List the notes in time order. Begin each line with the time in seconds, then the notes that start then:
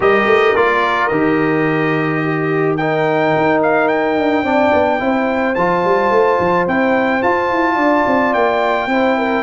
0.00 G3 G4 A#4 D#5
0.25 A3
0.55 A#3 F4 D5
1.08 D#3 G4 D#5
2.23 G4
2.77 D#4 A#4 G5
3.36 D#4
3.62 F5
3.88 G5
4.17 D4
4.43 C4 D4 D5
4.72 B3
4.99 C4 E4 C5
5.55 F3 F4 A5
5.84 G3
6.10 A3
6.39 F3
6.67 C4 E4 G5
7.22 F4 A5
7.50 E4
7.75 D4 D5
8.07 C4
8.33 A#3 G5
8.86 C4 E4 C5
9.17 A#4